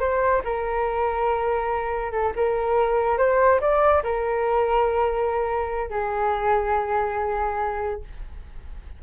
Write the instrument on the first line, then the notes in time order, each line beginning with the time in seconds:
flute
0.00 C5
0.45 A#4
2.12 A4
2.36 A#4
3.18 C5
3.61 D5
4.04 A#4
5.90 G#4